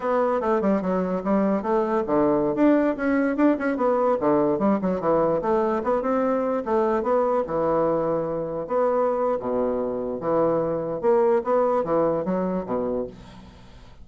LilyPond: \new Staff \with { instrumentName = "bassoon" } { \time 4/4 \tempo 4 = 147 b4 a8 g8 fis4 g4 | a4 d4~ d16 d'4 cis'8.~ | cis'16 d'8 cis'8 b4 d4 g8 fis16~ | fis16 e4 a4 b8 c'4~ c'16~ |
c'16 a4 b4 e4.~ e16~ | e4~ e16 b4.~ b16 b,4~ | b,4 e2 ais4 | b4 e4 fis4 b,4 | }